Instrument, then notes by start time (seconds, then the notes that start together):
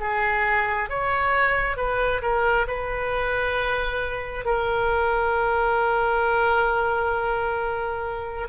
oboe
0.00 G#4
0.90 C#5
1.77 B4
2.22 A#4
2.68 B4
4.45 A#4